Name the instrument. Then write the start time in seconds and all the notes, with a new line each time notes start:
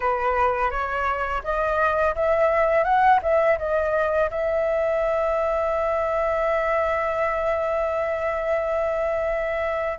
flute
0.00 B4
0.70 C#5
1.43 D#5
2.15 E5
2.84 F#5
3.22 E5
3.58 D#5
4.30 E5